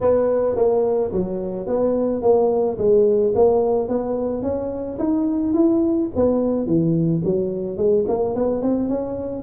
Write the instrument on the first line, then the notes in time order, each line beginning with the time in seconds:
tuba
0.00 B3
0.56 A#3
1.11 F#3
1.66 B3
2.22 A#3
2.78 G#3
3.35 A#3
3.88 B3
4.42 C#4
4.98 D#4
5.53 E4
6.15 B3
6.66 E3
7.24 F#3
7.77 G#3
8.08 A#3
8.35 B3
8.62 C4
8.88 C#4